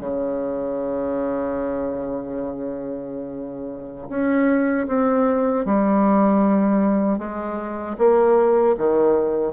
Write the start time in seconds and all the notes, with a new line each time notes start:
0.00 C#3
4.09 C#4
4.88 C4
5.66 G3
7.19 G#3
7.98 A#3
8.78 D#3